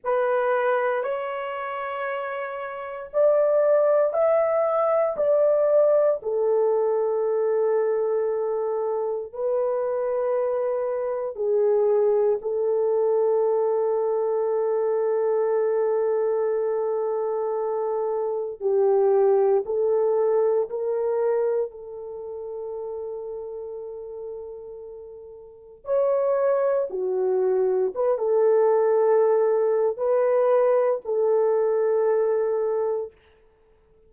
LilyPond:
\new Staff \with { instrumentName = "horn" } { \time 4/4 \tempo 4 = 58 b'4 cis''2 d''4 | e''4 d''4 a'2~ | a'4 b'2 gis'4 | a'1~ |
a'2 g'4 a'4 | ais'4 a'2.~ | a'4 cis''4 fis'4 b'16 a'8.~ | a'4 b'4 a'2 | }